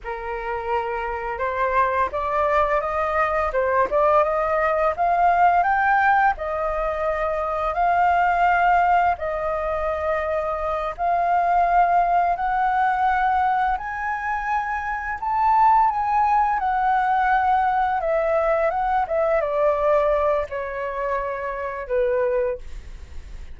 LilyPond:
\new Staff \with { instrumentName = "flute" } { \time 4/4 \tempo 4 = 85 ais'2 c''4 d''4 | dis''4 c''8 d''8 dis''4 f''4 | g''4 dis''2 f''4~ | f''4 dis''2~ dis''8 f''8~ |
f''4. fis''2 gis''8~ | gis''4. a''4 gis''4 fis''8~ | fis''4. e''4 fis''8 e''8 d''8~ | d''4 cis''2 b'4 | }